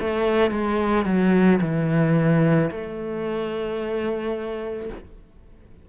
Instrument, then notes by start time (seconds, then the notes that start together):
cello
0.00 A3
0.51 G#3
1.06 F#3
1.61 E3
2.71 A3